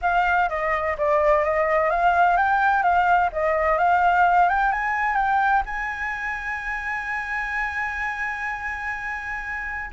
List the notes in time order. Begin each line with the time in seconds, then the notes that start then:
0.01 F5
0.49 D#5
0.97 D5
1.44 D#5
1.90 F5
2.36 G5
2.82 F5
3.32 D#5
3.78 F5
4.49 G5
4.72 G#5
5.15 G5
5.65 G#5